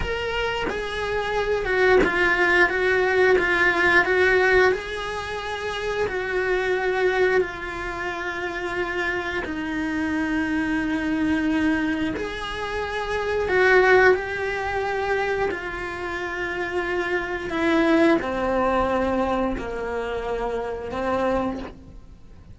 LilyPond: \new Staff \with { instrumentName = "cello" } { \time 4/4 \tempo 4 = 89 ais'4 gis'4. fis'8 f'4 | fis'4 f'4 fis'4 gis'4~ | gis'4 fis'2 f'4~ | f'2 dis'2~ |
dis'2 gis'2 | fis'4 g'2 f'4~ | f'2 e'4 c'4~ | c'4 ais2 c'4 | }